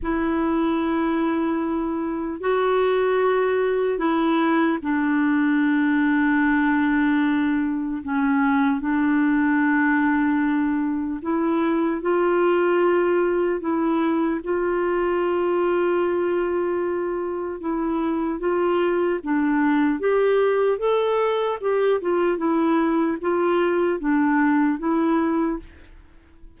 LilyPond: \new Staff \with { instrumentName = "clarinet" } { \time 4/4 \tempo 4 = 75 e'2. fis'4~ | fis'4 e'4 d'2~ | d'2 cis'4 d'4~ | d'2 e'4 f'4~ |
f'4 e'4 f'2~ | f'2 e'4 f'4 | d'4 g'4 a'4 g'8 f'8 | e'4 f'4 d'4 e'4 | }